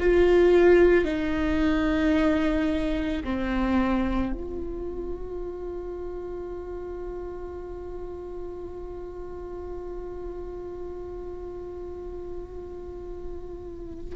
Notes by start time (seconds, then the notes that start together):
0.00 F4
1.05 D#4
3.24 C4
4.33 F4